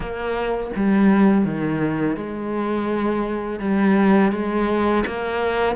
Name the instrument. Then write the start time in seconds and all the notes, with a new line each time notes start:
cello
0.00 A#3
0.76 G3
1.44 D#3
2.16 G#3
3.59 G3
4.32 G#3
5.06 A#3